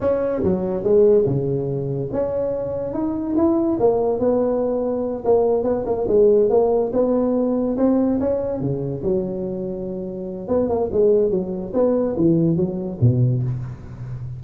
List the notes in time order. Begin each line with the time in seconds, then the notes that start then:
0.00 C#4
0.43 F#3
0.83 G#3
1.25 C#3
2.12 C#4
2.93 D#4
3.36 E4
3.79 A#3
4.19 B3
5.24 A#3
5.63 B3
5.86 A#3
6.07 G#3
6.49 A#3
6.92 B3
7.77 C4
8.20 C#4
8.60 C#3
9.03 F#3
10.48 B3
10.69 A#3
10.92 G#3
11.30 F#3
11.73 B3
12.16 E3
12.56 F#3
13.00 B2